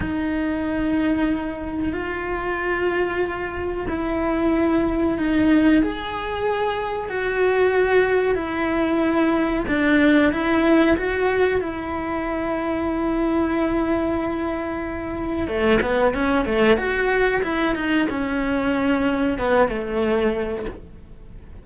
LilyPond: \new Staff \with { instrumentName = "cello" } { \time 4/4 \tempo 4 = 93 dis'2. f'4~ | f'2 e'2 | dis'4 gis'2 fis'4~ | fis'4 e'2 d'4 |
e'4 fis'4 e'2~ | e'1 | a8 b8 cis'8 a8 fis'4 e'8 dis'8 | cis'2 b8 a4. | }